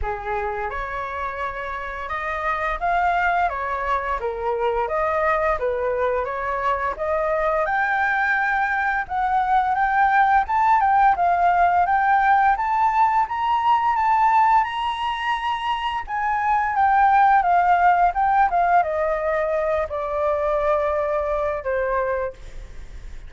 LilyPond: \new Staff \with { instrumentName = "flute" } { \time 4/4 \tempo 4 = 86 gis'4 cis''2 dis''4 | f''4 cis''4 ais'4 dis''4 | b'4 cis''4 dis''4 g''4~ | g''4 fis''4 g''4 a''8 g''8 |
f''4 g''4 a''4 ais''4 | a''4 ais''2 gis''4 | g''4 f''4 g''8 f''8 dis''4~ | dis''8 d''2~ d''8 c''4 | }